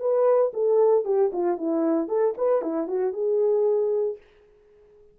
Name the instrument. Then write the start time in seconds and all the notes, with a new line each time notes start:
horn
0.00 B4
0.54 A4
1.05 G4
1.33 F4
1.58 E4
2.08 A4
2.38 B4
2.62 E4
2.88 F#4
3.13 G#4